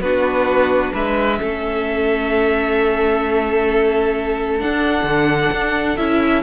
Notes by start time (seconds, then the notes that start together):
0.00 B3 D4 F#4 B4
0.93 G#3 B4 E5
1.39 A3 C#4 A4
4.59 D4 F#5
5.03 D3
5.52 D4
5.97 C#4 E4 E5